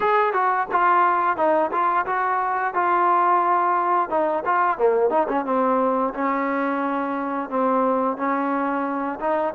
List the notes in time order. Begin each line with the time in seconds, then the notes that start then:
0.00 G#4
0.33 F#4
0.71 F4
1.36 D#4
1.71 F4
2.06 F#4
2.74 F4
4.09 D#4
4.45 F4
4.78 A#3
5.10 D#4
5.28 C#4
5.45 C4
6.14 C#4
7.49 C4
8.17 C#4
9.20 D#4